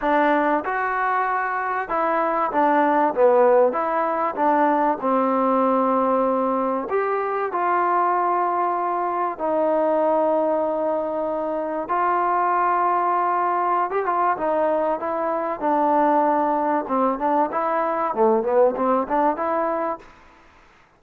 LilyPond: \new Staff \with { instrumentName = "trombone" } { \time 4/4 \tempo 4 = 96 d'4 fis'2 e'4 | d'4 b4 e'4 d'4 | c'2. g'4 | f'2. dis'4~ |
dis'2. f'4~ | f'2~ f'16 g'16 f'8 dis'4 | e'4 d'2 c'8 d'8 | e'4 a8 b8 c'8 d'8 e'4 | }